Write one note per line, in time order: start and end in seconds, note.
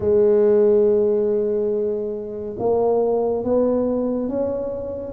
0.00 2.55 G#3
2.59 3.44 A#3
3.44 4.28 B3
4.28 5.12 C#4